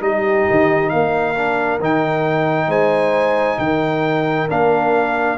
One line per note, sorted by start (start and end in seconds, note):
0.00 0.45 G3
0.00 1.34 D#4
0.00 0.93 G4
0.00 0.89 D#5
0.50 0.93 D#3
0.89 1.79 A#3
0.89 2.67 A#4
0.89 1.78 F5
1.35 1.79 D4
1.79 2.68 D#3
1.79 4.49 D#4
1.79 2.71 G5
2.67 3.57 G#3
2.67 3.57 C5
2.67 3.58 G#5
3.58 4.48 D#3
3.58 5.37 A#4
3.58 4.48 G5
4.49 5.37 A#3
4.49 5.37 D4
4.49 5.37 F5